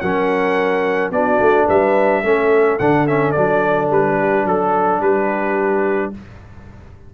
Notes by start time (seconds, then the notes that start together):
0.00 F#3 C#4 A#4 F#5
1.11 B3 D4 F#4 D5
1.40 A3
1.66 G3 B4 E5
2.23 A3 C#4 A4
2.79 D3 D4 F#5
3.07 C#4 E5
3.32 F#3 D4 D5
3.90 G3 B4
4.17 G4
4.45 F#3 A4
5.00 G3 G4 B4